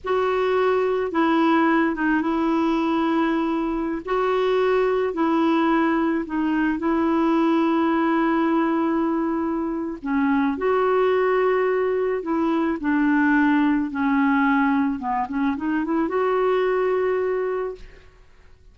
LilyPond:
\new Staff \with { instrumentName = "clarinet" } { \time 4/4 \tempo 4 = 108 fis'2 e'4. dis'8 | e'2.~ e'16 fis'8.~ | fis'4~ fis'16 e'2 dis'8.~ | dis'16 e'2.~ e'8.~ |
e'2 cis'4 fis'4~ | fis'2 e'4 d'4~ | d'4 cis'2 b8 cis'8 | dis'8 e'8 fis'2. | }